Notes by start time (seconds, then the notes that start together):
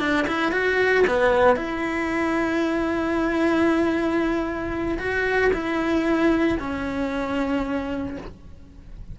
0.00 D4
0.28 E4
0.52 F#4
1.07 B3
1.56 E4
4.99 F#4
5.53 E4
6.60 C#4